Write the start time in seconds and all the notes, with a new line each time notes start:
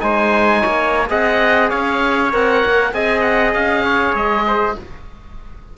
0.00 G#3 D#4 C5 G#5
0.61 A#3 C#5
1.09 C4 G#4 D#5 F#5
1.70 C#4 C#5 F5
2.32 C4 A#4 F#5
2.66 A#3
2.94 C4 G#4 D#5 G#5
3.21 F#5
3.54 C#4 F5
3.83 C#5
4.14 G#3 D#5
4.47 C5